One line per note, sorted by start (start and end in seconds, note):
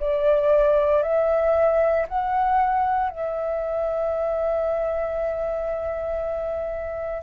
0.00 1.03 D5
1.03 2.06 E5
2.08 3.09 F#5
3.09 7.23 E5